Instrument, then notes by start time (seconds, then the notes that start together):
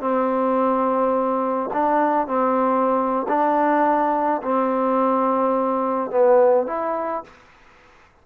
trombone
0.00 C4
1.73 D4
2.27 C4
3.28 D4
4.42 C4
6.11 B3
6.67 E4